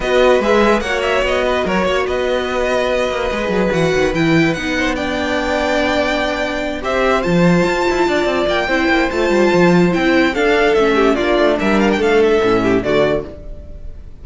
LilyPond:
<<
  \new Staff \with { instrumentName = "violin" } { \time 4/4 \tempo 4 = 145 dis''4 e''4 fis''8 e''8 dis''4 | cis''4 dis''2.~ | dis''4 fis''4 g''4 fis''4 | g''1~ |
g''8 e''4 a''2~ a''8~ | a''8 g''4. a''2 | g''4 f''4 e''4 d''4 | e''8 f''16 g''16 f''8 e''4. d''4 | }
  \new Staff \with { instrumentName = "violin" } { \time 4/4 b'2 cis''4. b'8 | ais'8 cis''8 b'2.~ | b'2.~ b'8 c''8 | d''1~ |
d''8 c''2. d''8~ | d''4 c''2.~ | c''4 a'4. g'8 f'4 | ais'4 a'4. g'8 fis'4 | }
  \new Staff \with { instrumentName = "viola" } { \time 4/4 fis'4 gis'4 fis'2~ | fis'1 | gis'4 fis'4 e'4 dis'4 | d'1~ |
d'8 g'4 f'2~ f'8~ | f'4 e'4 f'2 | e'4 d'4 cis'4 d'4~ | d'2 cis'4 a4 | }
  \new Staff \with { instrumentName = "cello" } { \time 4/4 b4 gis4 ais4 b4 | fis8 ais8 b2~ b8 ais8 | gis8 fis8 e8 dis8 e4 b4~ | b1~ |
b8 c'4 f4 f'8 e'8 d'8 | c'8 ais8 c'8 ais8 a8 g8 f4 | c'4 d'4 a4 ais8 a8 | g4 a4 a,4 d4 | }
>>